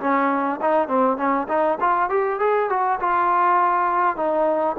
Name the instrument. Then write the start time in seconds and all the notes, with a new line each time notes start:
trombone
0.00 C#4
0.61 D#4
0.88 C4
1.17 C#4
1.48 D#4
1.80 F4
2.10 G4
2.40 G#4
2.69 F#4
3.00 F4
4.16 D#4